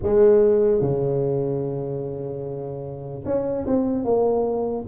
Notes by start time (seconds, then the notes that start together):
0.03 G#3
0.81 C#3
3.25 C#4
3.66 C4
4.04 A#3